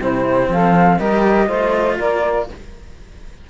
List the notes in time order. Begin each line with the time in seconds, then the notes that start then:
0.00 C3 C4 E4 C5
0.48 F3 A4 F5
0.98 G3 G4 A#4 D#5
1.47 A3 F4 C5
1.98 A#3 A#4 D5